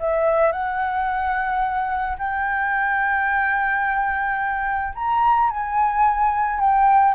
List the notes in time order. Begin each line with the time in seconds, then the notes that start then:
0.00 E5
0.52 F#5
2.18 G5
4.95 A#5
5.50 G#5
6.60 G5